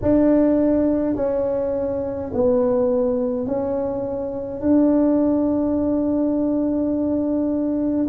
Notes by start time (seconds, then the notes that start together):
0.02 D4
1.15 C#4
2.33 B3
3.46 C#4
4.60 D4